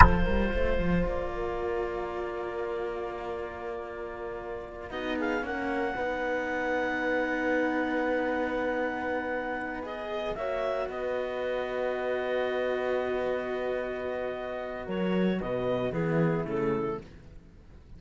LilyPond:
<<
  \new Staff \with { instrumentName = "clarinet" } { \time 4/4 \tempo 4 = 113 c''2 d''2~ | d''1~ | d''4~ d''16 dis''8 f''8 fis''4.~ fis''16~ | fis''1~ |
fis''2~ fis''8 dis''4 e''8~ | e''8 dis''2.~ dis''8~ | dis''1 | cis''4 dis''4 gis'4 a'4 | }
  \new Staff \with { instrumentName = "horn" } { \time 4/4 a'8 ais'8 c''4. ais'4.~ | ais'1~ | ais'4~ ais'16 fis'8 gis'8 ais'4 b'8.~ | b'1~ |
b'2.~ b'8 cis''8~ | cis''8 b'2.~ b'8~ | b'1 | ais'4 b'4 e'2 | }
  \new Staff \with { instrumentName = "cello" } { \time 4/4 f'1~ | f'1~ | f'4~ f'16 dis'4 cis'4 dis'8.~ | dis'1~ |
dis'2~ dis'8 gis'4 fis'8~ | fis'1~ | fis'1~ | fis'2 b4 a4 | }
  \new Staff \with { instrumentName = "cello" } { \time 4/4 f8 g8 a8 f8 ais2~ | ais1~ | ais4~ ais16 b4 ais4 b8.~ | b1~ |
b2.~ b8 ais8~ | ais8 b2.~ b8~ | b1 | fis4 b,4 e4 cis4 | }
>>